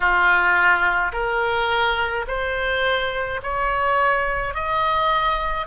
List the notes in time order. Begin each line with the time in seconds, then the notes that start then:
0.00 F4
1.12 A#4
2.27 C5
3.43 C#5
4.54 D#5